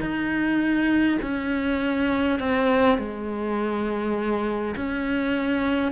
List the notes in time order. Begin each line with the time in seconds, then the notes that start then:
0.00 D#4
1.21 C#4
2.39 C4
2.98 G#3
4.76 C#4